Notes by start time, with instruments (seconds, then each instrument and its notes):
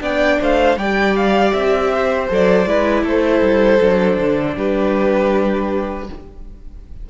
0.00 cello B3, viola D4, violin D5 G5
0.41 cello A3, violin C5 F5
0.77 cello G3, viola G4, violin D5 G5
1.16 violin F5
1.53 cello C4, violin E5
1.94 violin C5
2.28 cello F#3, viola A4, violin D5
2.66 cello G#3, viola E4, violin B4
3.03 cello A3, violin A4 C5
3.41 cello G3
3.80 cello F#3, viola D4
4.18 cello D3
4.57 cello G3, violin G4 B4